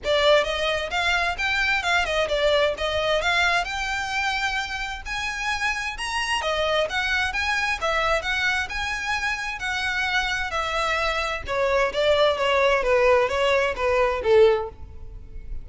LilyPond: \new Staff \with { instrumentName = "violin" } { \time 4/4 \tempo 4 = 131 d''4 dis''4 f''4 g''4 | f''8 dis''8 d''4 dis''4 f''4 | g''2. gis''4~ | gis''4 ais''4 dis''4 fis''4 |
gis''4 e''4 fis''4 gis''4~ | gis''4 fis''2 e''4~ | e''4 cis''4 d''4 cis''4 | b'4 cis''4 b'4 a'4 | }